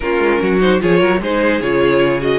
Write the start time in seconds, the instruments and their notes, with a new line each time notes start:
0.00 cello A#3, viola C#4, violin F4 A#4
0.19 cello G#3
0.41 cello F#3, violin F#4
0.60 viola D#4, violin C5
0.79 cello F3, viola F4, violin G#4 C#5
0.99 cello F#3, violin A#4
1.20 cello G#3, viola D#4, violin G#4 C5
1.61 cello C#3, viola F4, violin C#5
2.20 viola F#4, violin D#5